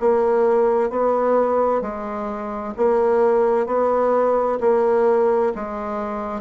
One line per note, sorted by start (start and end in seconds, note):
0.00 0.90 A#3
0.90 1.82 B3
1.82 2.74 G#3
2.77 3.66 A#3
3.66 4.59 B3
4.60 5.53 A#3
5.55 6.41 G#3